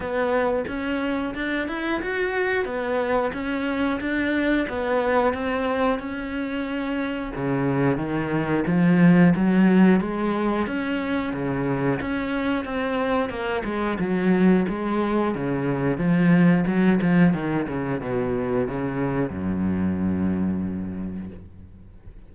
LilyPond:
\new Staff \with { instrumentName = "cello" } { \time 4/4 \tempo 4 = 90 b4 cis'4 d'8 e'8 fis'4 | b4 cis'4 d'4 b4 | c'4 cis'2 cis4 | dis4 f4 fis4 gis4 |
cis'4 cis4 cis'4 c'4 | ais8 gis8 fis4 gis4 cis4 | f4 fis8 f8 dis8 cis8 b,4 | cis4 fis,2. | }